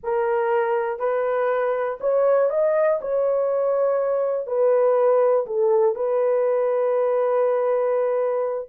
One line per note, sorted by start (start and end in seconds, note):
0.03 0.99 A#4
0.99 1.98 B4
2.00 2.50 C#5
2.50 2.99 D#5
3.01 4.47 C#5
4.47 5.46 B4
5.46 5.95 A4
5.95 8.68 B4